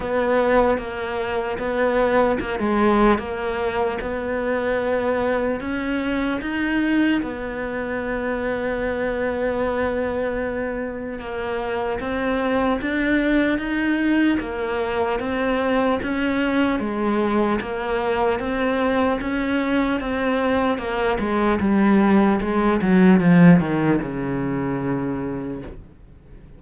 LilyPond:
\new Staff \with { instrumentName = "cello" } { \time 4/4 \tempo 4 = 75 b4 ais4 b4 ais16 gis8. | ais4 b2 cis'4 | dis'4 b2.~ | b2 ais4 c'4 |
d'4 dis'4 ais4 c'4 | cis'4 gis4 ais4 c'4 | cis'4 c'4 ais8 gis8 g4 | gis8 fis8 f8 dis8 cis2 | }